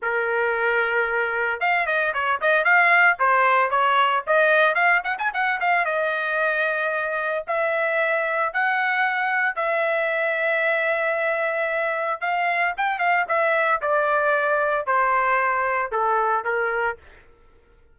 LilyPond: \new Staff \with { instrumentName = "trumpet" } { \time 4/4 \tempo 4 = 113 ais'2. f''8 dis''8 | cis''8 dis''8 f''4 c''4 cis''4 | dis''4 f''8 fis''16 gis''16 fis''8 f''8 dis''4~ | dis''2 e''2 |
fis''2 e''2~ | e''2. f''4 | g''8 f''8 e''4 d''2 | c''2 a'4 ais'4 | }